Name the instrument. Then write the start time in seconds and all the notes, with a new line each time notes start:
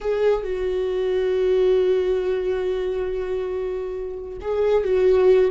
viola
0.00 G#4
0.43 F#4
4.41 G#4
4.84 F#4